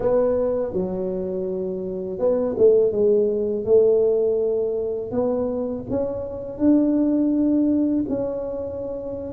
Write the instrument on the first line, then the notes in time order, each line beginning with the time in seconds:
tuba
0.00 B3
0.73 F#3
2.19 B3
2.57 A3
2.92 G#3
3.64 A3
5.11 B3
5.90 C#4
6.58 D4
8.08 C#4